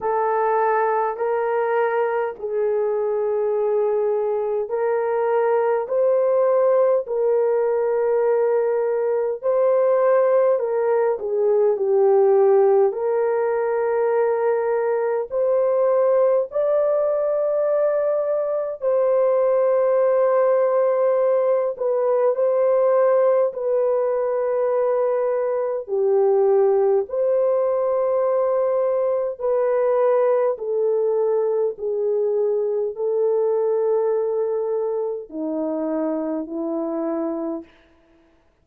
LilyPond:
\new Staff \with { instrumentName = "horn" } { \time 4/4 \tempo 4 = 51 a'4 ais'4 gis'2 | ais'4 c''4 ais'2 | c''4 ais'8 gis'8 g'4 ais'4~ | ais'4 c''4 d''2 |
c''2~ c''8 b'8 c''4 | b'2 g'4 c''4~ | c''4 b'4 a'4 gis'4 | a'2 dis'4 e'4 | }